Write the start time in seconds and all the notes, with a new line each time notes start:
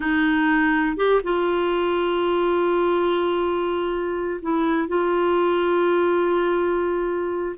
0.00 D#4
0.96 G4
1.23 F4
4.42 E4
4.88 F4